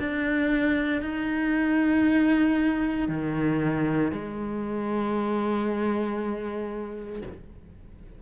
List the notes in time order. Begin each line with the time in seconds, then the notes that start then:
0.00 D4
1.02 D#4
3.09 D#3
4.12 G#3